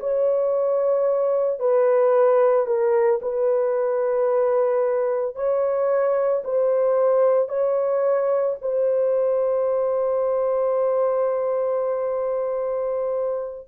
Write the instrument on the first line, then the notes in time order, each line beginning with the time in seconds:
horn
0.00 C#5
1.60 B4
2.66 A#4
3.22 B4
5.36 C#5
6.44 C5
7.49 C#5
8.62 C5